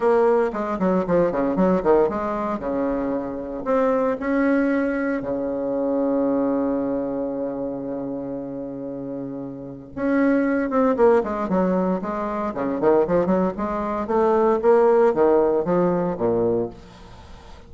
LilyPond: \new Staff \with { instrumentName = "bassoon" } { \time 4/4 \tempo 4 = 115 ais4 gis8 fis8 f8 cis8 fis8 dis8 | gis4 cis2 c'4 | cis'2 cis2~ | cis1~ |
cis2. cis'4~ | cis'8 c'8 ais8 gis8 fis4 gis4 | cis8 dis8 f8 fis8 gis4 a4 | ais4 dis4 f4 ais,4 | }